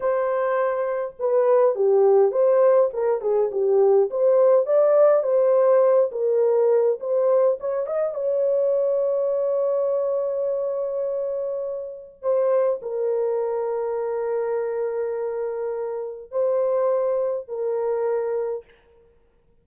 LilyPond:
\new Staff \with { instrumentName = "horn" } { \time 4/4 \tempo 4 = 103 c''2 b'4 g'4 | c''4 ais'8 gis'8 g'4 c''4 | d''4 c''4. ais'4. | c''4 cis''8 dis''8 cis''2~ |
cis''1~ | cis''4 c''4 ais'2~ | ais'1 | c''2 ais'2 | }